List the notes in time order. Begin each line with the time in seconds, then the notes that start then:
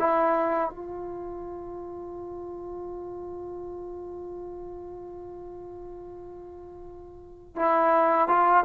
0.00 E4
0.70 F4
7.56 E4
8.29 F4